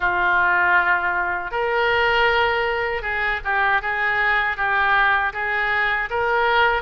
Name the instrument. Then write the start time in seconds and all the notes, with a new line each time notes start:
oboe
0.00 F4
1.51 A#4
3.02 G#4
3.44 G4
3.81 G#4
4.56 G4
5.33 G#4
6.10 A#4